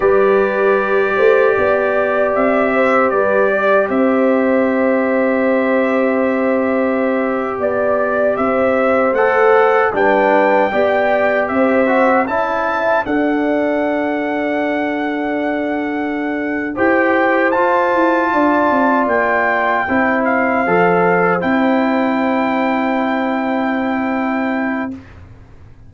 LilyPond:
<<
  \new Staff \with { instrumentName = "trumpet" } { \time 4/4 \tempo 4 = 77 d''2. e''4 | d''4 e''2.~ | e''4.~ e''16 d''4 e''4 fis''16~ | fis''8. g''2 e''4 a''16~ |
a''8. fis''2.~ fis''16~ | fis''4. g''4 a''4.~ | a''8 g''4. f''4. g''8~ | g''1 | }
  \new Staff \with { instrumentName = "horn" } { \time 4/4 b'4. c''8 d''4. c''8 | b'8 d''8 c''2.~ | c''4.~ c''16 d''4 c''4~ c''16~ | c''8. b'4 d''4 c''4 e''16~ |
e''8. d''2.~ d''16~ | d''4. c''2 d''8~ | d''4. c''2~ c''8~ | c''1 | }
  \new Staff \with { instrumentName = "trombone" } { \time 4/4 g'1~ | g'1~ | g'2.~ g'8. a'16~ | a'8. d'4 g'4. fis'8 e'16~ |
e'8. a'2.~ a'16~ | a'4. g'4 f'4.~ | f'4. e'4 a'4 e'8~ | e'1 | }
  \new Staff \with { instrumentName = "tuba" } { \time 4/4 g4. a8 b4 c'4 | g4 c'2.~ | c'4.~ c'16 b4 c'4 a16~ | a8. g4 b4 c'4 cis'16~ |
cis'8. d'2.~ d'16~ | d'4. e'4 f'8 e'8 d'8 | c'8 ais4 c'4 f4 c'8~ | c'1 | }
>>